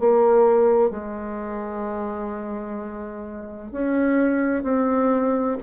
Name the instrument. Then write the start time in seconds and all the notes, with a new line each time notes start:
bassoon
0.00 A#3
0.90 G#3
3.72 C#4
4.64 C4